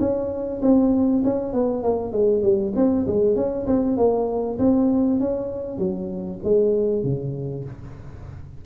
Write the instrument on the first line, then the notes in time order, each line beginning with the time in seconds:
tuba
0.00 C#4
0.62 C4
1.25 C#4
1.54 B3
1.83 A#3
2.12 G#3
2.43 G3
2.76 C4
3.08 G#3
3.36 C#4
3.67 C4
3.97 A#3
4.59 C4
5.20 C#4
5.79 F#3
6.44 G#3
7.04 C#3